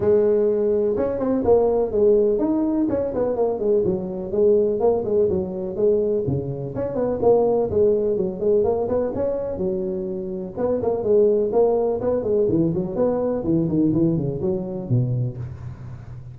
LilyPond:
\new Staff \with { instrumentName = "tuba" } { \time 4/4 \tempo 4 = 125 gis2 cis'8 c'8 ais4 | gis4 dis'4 cis'8 b8 ais8 gis8 | fis4 gis4 ais8 gis8 fis4 | gis4 cis4 cis'8 b8 ais4 |
gis4 fis8 gis8 ais8 b8 cis'4 | fis2 b8 ais8 gis4 | ais4 b8 gis8 e8 fis8 b4 | e8 dis8 e8 cis8 fis4 b,4 | }